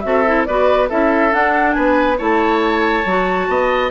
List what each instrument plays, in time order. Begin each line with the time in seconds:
0.00 bassoon C4, clarinet F#4, oboe A4, flute E5
0.26 clarinet E4
0.45 bassoon B3, clarinet F#4, oboe B4, flute D5
0.88 bassoon C#4, clarinet E4, oboe A4, flute E5
1.31 clarinet D4, bassoon D4, flute F#5
1.72 bassoon B3, oboe B4, flute G#5
2.17 bassoon A3, clarinet E4, oboe C#5, flute A5
3.04 bassoon F#3, clarinet F#4
3.48 bassoon B3, oboe D#5